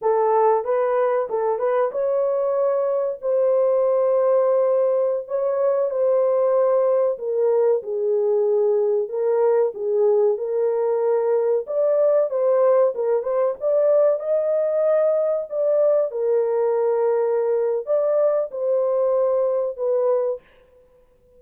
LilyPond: \new Staff \with { instrumentName = "horn" } { \time 4/4 \tempo 4 = 94 a'4 b'4 a'8 b'8 cis''4~ | cis''4 c''2.~ | c''16 cis''4 c''2 ais'8.~ | ais'16 gis'2 ais'4 gis'8.~ |
gis'16 ais'2 d''4 c''8.~ | c''16 ais'8 c''8 d''4 dis''4.~ dis''16~ | dis''16 d''4 ais'2~ ais'8. | d''4 c''2 b'4 | }